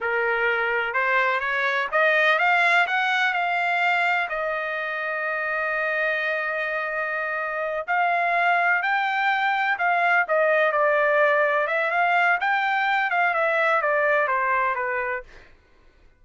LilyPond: \new Staff \with { instrumentName = "trumpet" } { \time 4/4 \tempo 4 = 126 ais'2 c''4 cis''4 | dis''4 f''4 fis''4 f''4~ | f''4 dis''2.~ | dis''1~ |
dis''8 f''2 g''4.~ | g''8 f''4 dis''4 d''4.~ | d''8 e''8 f''4 g''4. f''8 | e''4 d''4 c''4 b'4 | }